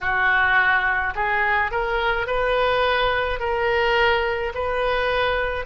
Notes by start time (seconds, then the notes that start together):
0.00 F#4
1.15 G#4
1.71 A#4
2.26 B4
3.39 A#4
4.54 B4